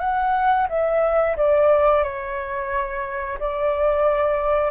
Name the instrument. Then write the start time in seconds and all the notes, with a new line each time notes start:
flute
0.00 F#5
0.69 E5
1.37 D5
2.03 C#5
3.40 D5